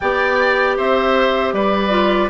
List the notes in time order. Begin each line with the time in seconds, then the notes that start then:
0.00 B3 G4 D5 G5
0.77 C4 C5 E5
1.52 G3 B4 D5
1.89 F4